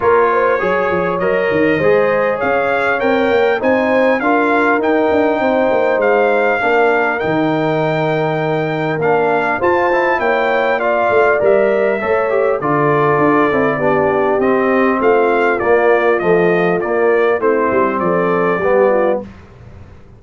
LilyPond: <<
  \new Staff \with { instrumentName = "trumpet" } { \time 4/4 \tempo 4 = 100 cis''2 dis''2 | f''4 g''4 gis''4 f''4 | g''2 f''2 | g''2. f''4 |
a''4 g''4 f''4 e''4~ | e''4 d''2. | dis''4 f''4 d''4 dis''4 | d''4 c''4 d''2 | }
  \new Staff \with { instrumentName = "horn" } { \time 4/4 ais'8 c''8 cis''2 c''4 | cis''2 c''4 ais'4~ | ais'4 c''2 ais'4~ | ais'1 |
c''4 cis''4 d''2 | cis''4 a'2 g'4~ | g'4 f'2.~ | f'4 e'4 a'4 g'8 f'8 | }
  \new Staff \with { instrumentName = "trombone" } { \time 4/4 f'4 gis'4 ais'4 gis'4~ | gis'4 ais'4 dis'4 f'4 | dis'2. d'4 | dis'2. d'4 |
f'8 e'4. f'4 ais'4 | a'8 g'8 f'4. e'8 d'4 | c'2 ais4 f4 | ais4 c'2 b4 | }
  \new Staff \with { instrumentName = "tuba" } { \time 4/4 ais4 fis8 f8 fis8 dis8 gis4 | cis'4 c'8 ais8 c'4 d'4 | dis'8 d'8 c'8 ais8 gis4 ais4 | dis2. ais4 |
f'4 ais4. a8 g4 | a4 d4 d'8 c'8 b4 | c'4 a4 ais4 a4 | ais4 a8 g8 f4 g4 | }
>>